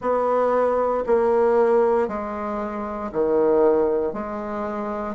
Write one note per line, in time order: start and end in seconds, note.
0.00 1.04 B3
1.06 2.07 A#3
2.07 3.11 G#3
3.12 4.13 D#3
4.13 5.14 G#3